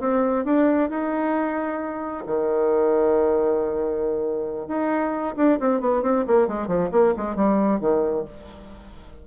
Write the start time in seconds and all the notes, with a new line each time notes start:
0.00 C4
0.45 D4
0.90 D#4
2.26 D#3
4.68 D#4
5.36 D4
5.59 C4
5.80 B3
6.02 C4
6.27 A#3
6.47 G#3
6.67 F3
6.91 A#3
7.17 G#3
7.36 G3
7.80 D#3